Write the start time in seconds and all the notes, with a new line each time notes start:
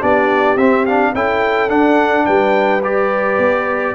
0.00 B3 D4 G4 D5
0.57 C4 E5
0.86 D4 F5
1.14 C#4 E4 A4 G5
1.69 D4 F#5
2.26 G3 B4 G5
2.84 G4 D5
3.39 B3